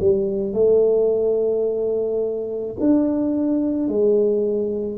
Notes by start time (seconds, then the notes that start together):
0.00 G3
0.54 A3
2.80 D4
3.88 G#3